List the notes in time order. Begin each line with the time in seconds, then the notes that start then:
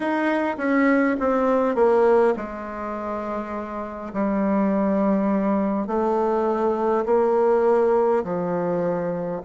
0.00 D#4
0.57 C#4
1.19 C4
1.75 A#3
2.36 G#3
4.13 G3
5.87 A3
7.05 A#3
8.24 F3